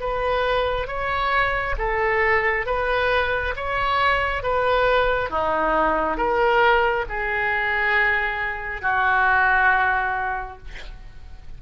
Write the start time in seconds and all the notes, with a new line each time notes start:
0.00 B4
0.87 C#5
1.78 A4
2.66 B4
3.56 C#5
4.43 B4
5.30 D#4
6.17 A#4
7.09 G#4
8.82 F#4